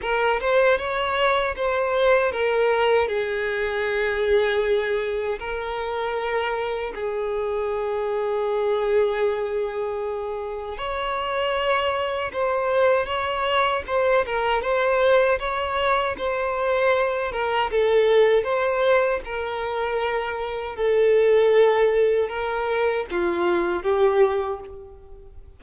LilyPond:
\new Staff \with { instrumentName = "violin" } { \time 4/4 \tempo 4 = 78 ais'8 c''8 cis''4 c''4 ais'4 | gis'2. ais'4~ | ais'4 gis'2.~ | gis'2 cis''2 |
c''4 cis''4 c''8 ais'8 c''4 | cis''4 c''4. ais'8 a'4 | c''4 ais'2 a'4~ | a'4 ais'4 f'4 g'4 | }